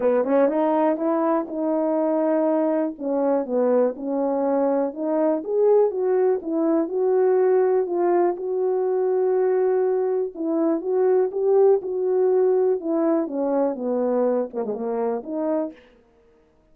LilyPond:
\new Staff \with { instrumentName = "horn" } { \time 4/4 \tempo 4 = 122 b8 cis'8 dis'4 e'4 dis'4~ | dis'2 cis'4 b4 | cis'2 dis'4 gis'4 | fis'4 e'4 fis'2 |
f'4 fis'2.~ | fis'4 e'4 fis'4 g'4 | fis'2 e'4 cis'4 | b4. ais16 gis16 ais4 dis'4 | }